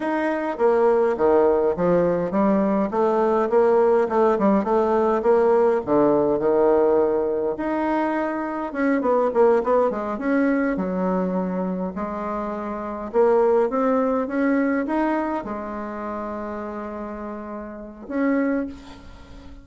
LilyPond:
\new Staff \with { instrumentName = "bassoon" } { \time 4/4 \tempo 4 = 103 dis'4 ais4 dis4 f4 | g4 a4 ais4 a8 g8 | a4 ais4 d4 dis4~ | dis4 dis'2 cis'8 b8 |
ais8 b8 gis8 cis'4 fis4.~ | fis8 gis2 ais4 c'8~ | c'8 cis'4 dis'4 gis4.~ | gis2. cis'4 | }